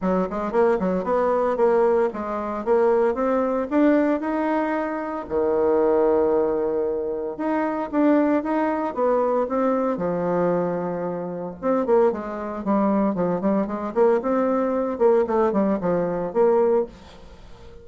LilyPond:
\new Staff \with { instrumentName = "bassoon" } { \time 4/4 \tempo 4 = 114 fis8 gis8 ais8 fis8 b4 ais4 | gis4 ais4 c'4 d'4 | dis'2 dis2~ | dis2 dis'4 d'4 |
dis'4 b4 c'4 f4~ | f2 c'8 ais8 gis4 | g4 f8 g8 gis8 ais8 c'4~ | c'8 ais8 a8 g8 f4 ais4 | }